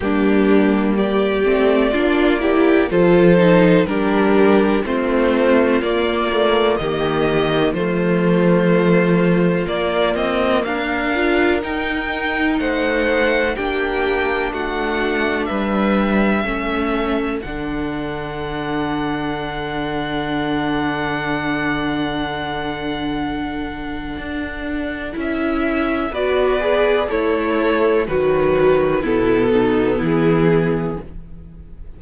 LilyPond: <<
  \new Staff \with { instrumentName = "violin" } { \time 4/4 \tempo 4 = 62 g'4 d''2 c''4 | ais'4 c''4 d''4 dis''4 | c''2 d''8 dis''8 f''4 | g''4 fis''4 g''4 fis''4 |
e''2 fis''2~ | fis''1~ | fis''2 e''4 d''4 | cis''4 b'4 a'4 gis'4 | }
  \new Staff \with { instrumentName = "violin" } { \time 4/4 d'4 g'4 f'8 g'8 a'4 | g'4 f'2 g'4 | f'2. ais'4~ | ais'4 c''4 g'4 fis'4 |
b'4 a'2.~ | a'1~ | a'2. b'4 | e'4 fis'4 e'8 dis'8 e'4 | }
  \new Staff \with { instrumentName = "viola" } { \time 4/4 ais4. c'8 d'8 e'8 f'8 dis'8 | d'4 c'4 ais8 a8 ais4 | a2 ais4. f'8 | dis'2 d'2~ |
d'4 cis'4 d'2~ | d'1~ | d'2 e'4 fis'8 gis'8 | a'4 fis4 b2 | }
  \new Staff \with { instrumentName = "cello" } { \time 4/4 g4. a8 ais4 f4 | g4 a4 ais4 dis4 | f2 ais8 c'8 d'4 | dis'4 a4 ais4 a4 |
g4 a4 d2~ | d1~ | d4 d'4 cis'4 b4 | a4 dis4 b,4 e4 | }
>>